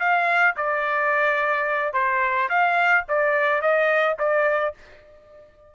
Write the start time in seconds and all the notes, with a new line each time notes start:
0.00 F5
0.57 D5
1.94 C5
2.49 F5
3.09 D5
3.62 D#5
4.19 D5